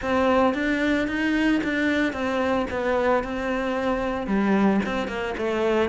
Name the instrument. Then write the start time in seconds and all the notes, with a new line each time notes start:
cello
0.01 C4
0.54 D4
1.07 D#4
1.63 D4
2.12 C4
2.70 B3
3.23 C4
4.27 G3
4.85 C4
5.07 A#3
5.37 A3